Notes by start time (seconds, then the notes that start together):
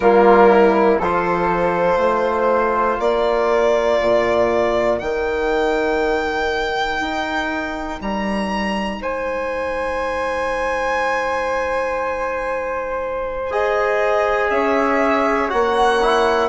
0.00 G3 A#3 F4 A#4
0.49 E4
0.98 F3 F4 A4 C5
1.97 A3 C5
2.98 A#3 A#4 D5
4.00 A#2
4.99 D#3 D#4 G5
7.00 D#4
8.00 G3 A#5
8.99 G#3 C5 G#5
13.50 G#4 D#5
14.49 C#4 C#5 E5
15.49 A#3 F#4 F#5
16.01 E4